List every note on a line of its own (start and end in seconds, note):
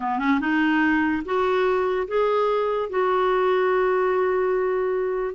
0.00 0.18 B3
0.18 0.39 C#4
0.40 1.22 D#4
1.25 2.07 F#4
2.07 2.89 G#4
2.89 5.34 F#4